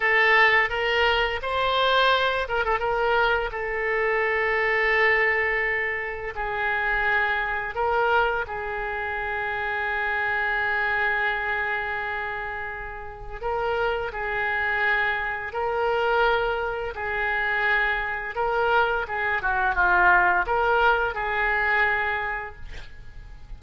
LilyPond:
\new Staff \with { instrumentName = "oboe" } { \time 4/4 \tempo 4 = 85 a'4 ais'4 c''4. ais'16 a'16 | ais'4 a'2.~ | a'4 gis'2 ais'4 | gis'1~ |
gis'2. ais'4 | gis'2 ais'2 | gis'2 ais'4 gis'8 fis'8 | f'4 ais'4 gis'2 | }